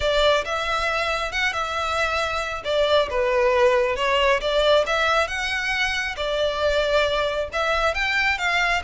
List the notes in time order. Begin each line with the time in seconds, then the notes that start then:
0.00 D5
0.44 E5
1.31 F#5
1.52 E5
2.64 D5
3.10 B4
3.96 C#5
4.40 D5
4.86 E5
5.27 F#5
6.16 D5
7.52 E5
7.94 G5
8.37 F5